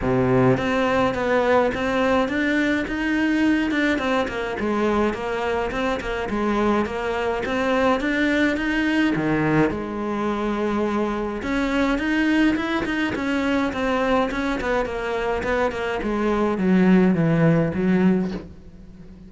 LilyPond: \new Staff \with { instrumentName = "cello" } { \time 4/4 \tempo 4 = 105 c4 c'4 b4 c'4 | d'4 dis'4. d'8 c'8 ais8 | gis4 ais4 c'8 ais8 gis4 | ais4 c'4 d'4 dis'4 |
dis4 gis2. | cis'4 dis'4 e'8 dis'8 cis'4 | c'4 cis'8 b8 ais4 b8 ais8 | gis4 fis4 e4 fis4 | }